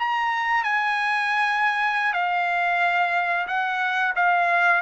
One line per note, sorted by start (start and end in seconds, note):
0.00 0.64 A#5
0.64 2.14 G#5
2.14 3.47 F5
3.48 4.14 F#5
4.16 4.82 F5